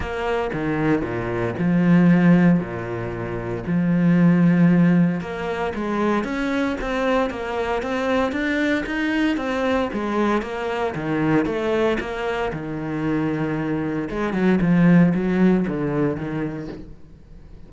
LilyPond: \new Staff \with { instrumentName = "cello" } { \time 4/4 \tempo 4 = 115 ais4 dis4 ais,4 f4~ | f4 ais,2 f4~ | f2 ais4 gis4 | cis'4 c'4 ais4 c'4 |
d'4 dis'4 c'4 gis4 | ais4 dis4 a4 ais4 | dis2. gis8 fis8 | f4 fis4 d4 dis4 | }